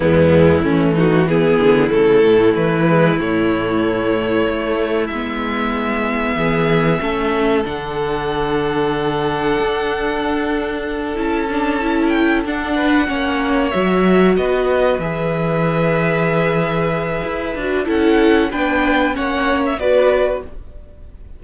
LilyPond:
<<
  \new Staff \with { instrumentName = "violin" } { \time 4/4 \tempo 4 = 94 e'4. fis'8 gis'4 a'4 | b'4 cis''2. | e''1 | fis''1~ |
fis''4. a''4. g''8 fis''8~ | fis''4. e''4 dis''4 e''8~ | e''1 | fis''4 g''4 fis''8. e''16 d''4 | }
  \new Staff \with { instrumentName = "violin" } { \time 4/4 b4 cis'8 dis'8 e'2~ | e'1~ | e'2 gis'4 a'4~ | a'1~ |
a'1 | b'8 cis''2 b'4.~ | b'1 | a'4 b'4 cis''4 b'4 | }
  \new Staff \with { instrumentName = "viola" } { \time 4/4 gis4 a4 b4 a4~ | a8 gis8 a2. | b2. cis'4 | d'1~ |
d'4. e'8 d'8 e'4 d'8~ | d'8 cis'4 fis'2 gis'8~ | gis'2.~ gis'8 fis'8 | e'4 d'4 cis'4 fis'4 | }
  \new Staff \with { instrumentName = "cello" } { \time 4/4 e,4 e4. d8 cis8 a,8 | e4 a,2 a4 | gis2 e4 a4 | d2. d'4~ |
d'4. cis'2 d'8~ | d'8 ais4 fis4 b4 e8~ | e2. e'8 d'8 | cis'4 b4 ais4 b4 | }
>>